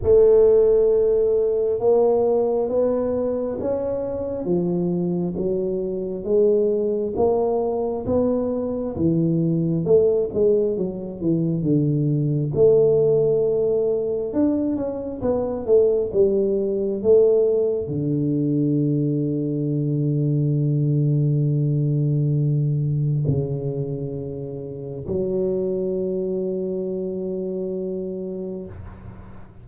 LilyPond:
\new Staff \with { instrumentName = "tuba" } { \time 4/4 \tempo 4 = 67 a2 ais4 b4 | cis'4 f4 fis4 gis4 | ais4 b4 e4 a8 gis8 | fis8 e8 d4 a2 |
d'8 cis'8 b8 a8 g4 a4 | d1~ | d2 cis2 | fis1 | }